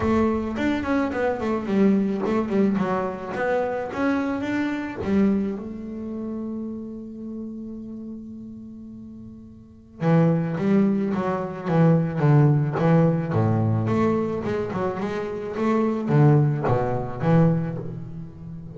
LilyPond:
\new Staff \with { instrumentName = "double bass" } { \time 4/4 \tempo 4 = 108 a4 d'8 cis'8 b8 a8 g4 | a8 g8 fis4 b4 cis'4 | d'4 g4 a2~ | a1~ |
a2 e4 g4 | fis4 e4 d4 e4 | a,4 a4 gis8 fis8 gis4 | a4 d4 b,4 e4 | }